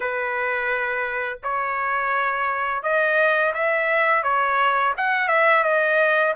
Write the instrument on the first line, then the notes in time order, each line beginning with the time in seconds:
trumpet
0.00 B4
1.43 C#5
2.82 D#5
3.54 E5
4.23 C#5
4.97 F#5
5.28 E5
5.63 D#5